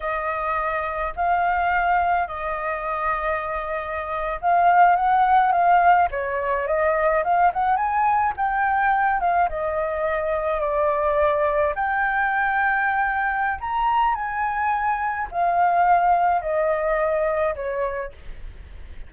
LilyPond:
\new Staff \with { instrumentName = "flute" } { \time 4/4 \tempo 4 = 106 dis''2 f''2 | dis''2.~ dis''8. f''16~ | f''8. fis''4 f''4 cis''4 dis''16~ | dis''8. f''8 fis''8 gis''4 g''4~ g''16~ |
g''16 f''8 dis''2 d''4~ d''16~ | d''8. g''2.~ g''16 | ais''4 gis''2 f''4~ | f''4 dis''2 cis''4 | }